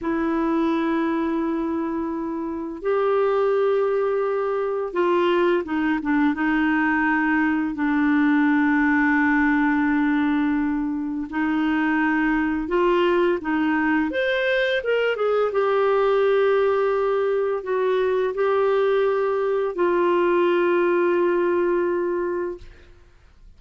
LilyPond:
\new Staff \with { instrumentName = "clarinet" } { \time 4/4 \tempo 4 = 85 e'1 | g'2. f'4 | dis'8 d'8 dis'2 d'4~ | d'1 |
dis'2 f'4 dis'4 | c''4 ais'8 gis'8 g'2~ | g'4 fis'4 g'2 | f'1 | }